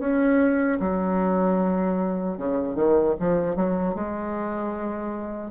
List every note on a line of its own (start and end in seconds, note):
0.00 0.79 C#4
0.80 2.38 F#3
2.38 2.76 C#3
2.76 3.15 D#3
3.20 3.56 F3
3.56 3.95 F#3
3.95 5.52 G#3